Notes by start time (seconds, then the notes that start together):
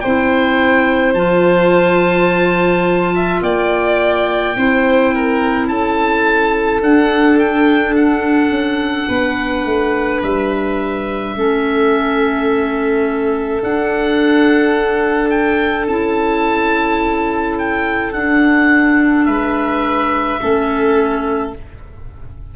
0.00 C4 E4 C5 G5
1.14 F3 F4 A5
3.15 E5
3.42 A#3 D5 G5
4.56 C4 E4 C5
5.14 A#4
5.68 C#4 A4 A5
6.81 D4 F#5
7.38 G5
7.95 F#5
8.50 C#4
9.08 B3 B4
9.65 A3
10.22 G3 E5
11.36 A3 C#4 A4
13.62 D4 F#5
15.30 G5
15.87 C#4 E4 A5
17.58 G5
18.12 D4 F#5
19.25 G#3 B4 E5
20.40 A3 C#4 A4